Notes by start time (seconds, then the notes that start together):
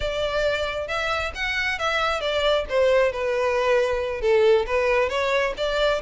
0.00 D5
0.87 E5
1.34 F#5
1.78 E5
2.20 D5
2.69 C5
3.12 B4
4.21 A4
4.66 B4
5.09 C#5
5.57 D5